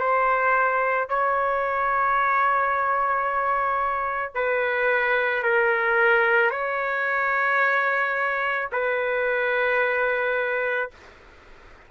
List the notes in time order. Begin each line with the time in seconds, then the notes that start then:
0.00 C5
1.09 C#5
4.35 B4
5.43 A#4
6.51 C#5
8.72 B4